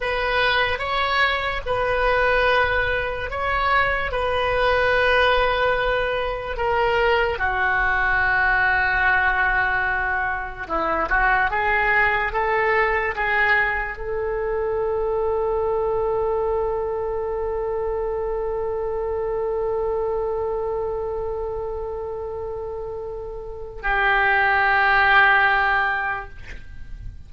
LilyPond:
\new Staff \with { instrumentName = "oboe" } { \time 4/4 \tempo 4 = 73 b'4 cis''4 b'2 | cis''4 b'2. | ais'4 fis'2.~ | fis'4 e'8 fis'8 gis'4 a'4 |
gis'4 a'2.~ | a'1~ | a'1~ | a'4 g'2. | }